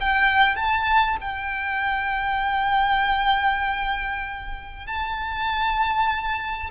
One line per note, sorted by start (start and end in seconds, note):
0.00 0.56 G5
0.56 1.17 A5
1.21 4.87 G5
4.87 6.70 A5